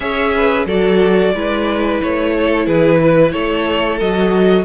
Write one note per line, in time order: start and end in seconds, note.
0.00 0.65 C#4
0.00 0.66 G#4
0.00 0.34 C#5
0.00 0.64 E5
0.35 0.66 B4
0.65 1.32 F#3
0.65 1.34 F#4
0.65 1.33 A4
0.65 2.01 D5
1.34 2.00 G#3
1.34 4.01 E4
1.34 2.34 B4
2.02 2.66 A3
2.02 2.66 C#5
2.37 2.66 A4
2.66 3.33 E3
2.66 3.00 G#4
2.66 3.32 B4
3.01 3.33 B4
3.32 4.00 A3
3.32 4.64 A4
3.32 3.98 C#5
4.00 4.64 F#3
4.00 4.64 F#4
4.00 4.64 D#5